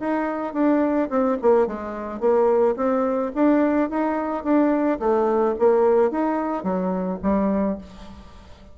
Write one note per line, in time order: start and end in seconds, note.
0.00 0.54 D#4
0.54 1.09 D4
1.10 1.38 C4
1.42 1.67 A#3
1.67 2.20 G#3
2.20 2.76 A#3
2.77 3.32 C4
3.36 3.90 D4
3.90 4.44 D#4
4.44 4.99 D4
5.00 5.55 A3
5.59 6.11 A#3
6.11 6.64 D#4
6.64 7.19 F#3
7.23 7.79 G3